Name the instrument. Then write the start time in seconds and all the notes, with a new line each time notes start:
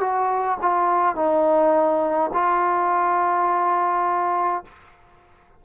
trombone
0.00 F#4
0.62 F4
1.15 D#4
2.33 F4